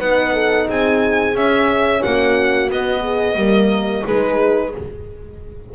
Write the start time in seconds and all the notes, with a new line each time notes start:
0.00 B3 D#4 B4 F#5
0.33 A4
0.67 C4 G#4 G#5
1.35 C#4 E5
2.03 A#3 F#4 F#5
2.70 B3 D#5
3.02 G#4
3.35 G3 A#3 A#4
4.05 G#3 D#4 G#4 B4